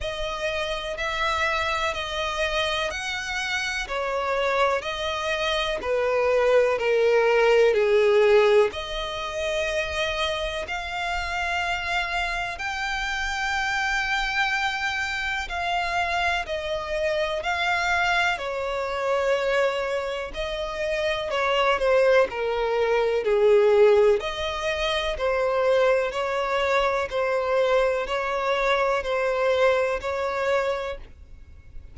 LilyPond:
\new Staff \with { instrumentName = "violin" } { \time 4/4 \tempo 4 = 62 dis''4 e''4 dis''4 fis''4 | cis''4 dis''4 b'4 ais'4 | gis'4 dis''2 f''4~ | f''4 g''2. |
f''4 dis''4 f''4 cis''4~ | cis''4 dis''4 cis''8 c''8 ais'4 | gis'4 dis''4 c''4 cis''4 | c''4 cis''4 c''4 cis''4 | }